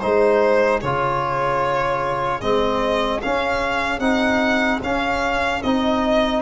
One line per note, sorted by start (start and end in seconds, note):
0.00 0.83 G#3
0.00 0.83 D#4
0.00 6.40 G#4
0.00 0.80 C5
0.81 2.42 C#3
0.81 2.42 F4
0.81 2.41 C#5
2.41 3.22 G#3
2.41 3.22 C4
2.41 3.21 D#5
3.22 4.01 C#4
3.22 3.99 C#4
3.22 4.00 F5
3.99 4.79 C4
3.99 4.81 D#4
3.99 4.80 F#5
4.82 5.62 C#4
4.82 5.64 C#4
4.82 5.63 F5
5.63 6.42 C4
5.63 6.42 D#4
5.63 6.42 D#5